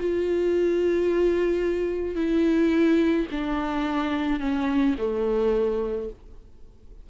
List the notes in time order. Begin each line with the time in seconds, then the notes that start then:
0.00 F4
2.16 E4
3.32 D4
4.40 C#4
4.98 A3